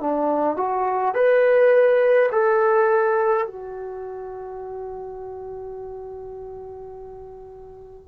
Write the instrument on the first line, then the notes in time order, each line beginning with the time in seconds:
trombone
0.00 D4
0.57 F#4
1.14 B4
2.31 A4
3.47 F#4